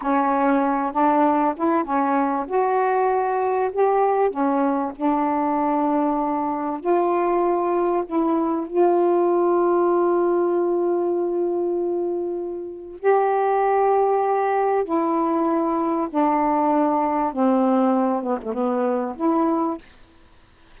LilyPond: \new Staff \with { instrumentName = "saxophone" } { \time 4/4 \tempo 4 = 97 cis'4. d'4 e'8 cis'4 | fis'2 g'4 cis'4 | d'2. f'4~ | f'4 e'4 f'2~ |
f'1~ | f'4 g'2. | e'2 d'2 | c'4. b16 a16 b4 e'4 | }